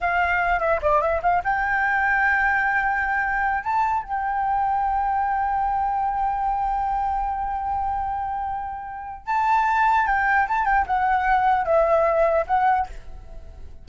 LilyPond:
\new Staff \with { instrumentName = "flute" } { \time 4/4 \tempo 4 = 149 f''4. e''8 d''8 e''8 f''8 g''8~ | g''1~ | g''4 a''4 g''2~ | g''1~ |
g''1~ | g''2. a''4~ | a''4 g''4 a''8 g''8 fis''4~ | fis''4 e''2 fis''4 | }